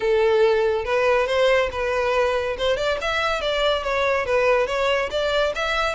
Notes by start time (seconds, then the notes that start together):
0.00 A4
0.85 B4
1.27 C5
1.71 B4
2.58 C5
2.77 D5
3.01 E5
3.41 D5
3.83 C#5
4.25 B4
4.67 C#5
5.10 D5
5.55 E5